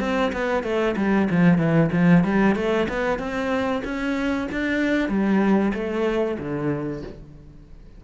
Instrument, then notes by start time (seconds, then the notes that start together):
cello
0.00 C4
0.32 B3
0.63 A3
0.97 G3
1.31 F3
1.58 E3
1.92 F3
2.24 G3
2.56 A3
2.89 B3
3.19 C4
3.84 C#4
4.52 D4
5.09 G3
5.74 A3
6.39 D3